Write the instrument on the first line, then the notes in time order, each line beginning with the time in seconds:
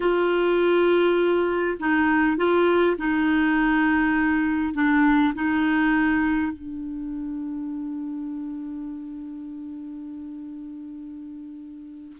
clarinet
0.00 F4
1.79 D#4
2.37 F4
2.98 D#4
4.74 D4
5.34 D#4
6.52 D4